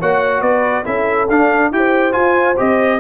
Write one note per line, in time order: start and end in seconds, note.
0.00 0.42 A#3
0.00 0.85 F#4
0.00 0.43 C#5
0.00 0.42 F#5
0.42 0.85 B3
0.42 0.86 B4
0.42 0.85 D5
0.85 1.30 C#4
0.85 1.28 E4
0.85 1.72 A4
0.85 1.29 E5
1.30 1.72 D4
1.30 1.73 D4
1.30 1.73 F5
1.72 2.15 E4
1.72 2.12 G4
1.72 3.00 C5
1.72 2.13 G5
2.12 2.55 F4
2.12 2.58 F4
2.12 2.56 G#5
2.58 3.00 C4
2.58 3.00 G4
2.58 3.00 D#5